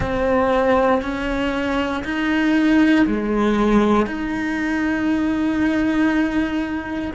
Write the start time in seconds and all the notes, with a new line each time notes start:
0.00 C4
1.02 C#4
2.04 D#4
3.06 G#3
4.06 D#4